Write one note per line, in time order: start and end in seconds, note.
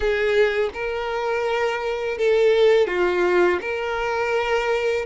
0.00 0.70 G#4
0.73 2.18 A#4
2.18 2.87 A4
2.87 3.59 F4
3.61 5.05 A#4